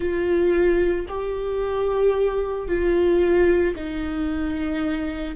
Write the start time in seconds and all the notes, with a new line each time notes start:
0.00 F4
1.08 G4
2.67 F4
3.75 D#4